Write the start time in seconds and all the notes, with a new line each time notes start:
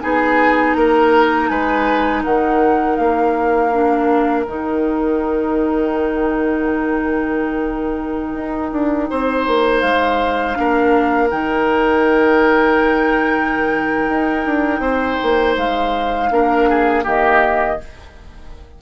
0.00 B3 D#4 G#4 G#5
0.74 A#3 A#4 A#5
1.48 G#3 B4 G#5
2.23 D#3 A#4 F#5
2.96 A#3 F5
3.72 D4
4.44 D#3 D#4 G5
8.34 D#4
8.72 D4
9.10 C4 C5
9.47 A#3
9.80 G#3 F5
10.55 A#3 D4 A#4
11.30 D#3 D#4 G5
14.09 D#4
14.46 D4
14.79 C4 C5
15.22 A#3
15.57 G#3 F5
16.30 A#3 D4 A#4
16.69 G#4
17.04 D#3 A#3 G4 D#5